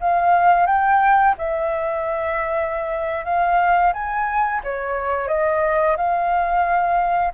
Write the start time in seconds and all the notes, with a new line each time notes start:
0.00 F5
0.66 G5
1.38 E5
3.24 F5
3.93 G#5
4.63 C#5
5.28 D#5
5.96 F5